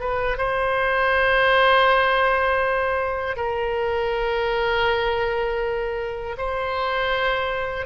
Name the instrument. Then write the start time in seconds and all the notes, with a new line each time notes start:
oboe
0.00 B4
0.38 C5
3.36 A#4
6.38 C5